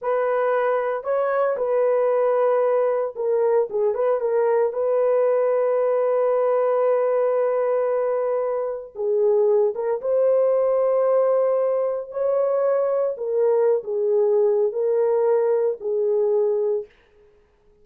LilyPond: \new Staff \with { instrumentName = "horn" } { \time 4/4 \tempo 4 = 114 b'2 cis''4 b'4~ | b'2 ais'4 gis'8 b'8 | ais'4 b'2.~ | b'1~ |
b'4 gis'4. ais'8 c''4~ | c''2. cis''4~ | cis''4 ais'4~ ais'16 gis'4.~ gis'16 | ais'2 gis'2 | }